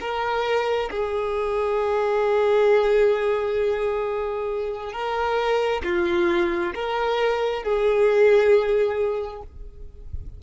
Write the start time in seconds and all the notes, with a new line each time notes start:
0.00 A#4
0.90 G#4
4.93 A#4
5.84 F4
6.74 A#4
7.63 G#4